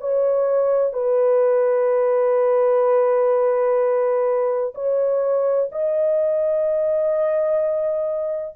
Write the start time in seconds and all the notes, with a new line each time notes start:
0.00 C#5
0.93 B4
4.74 C#5
5.71 D#5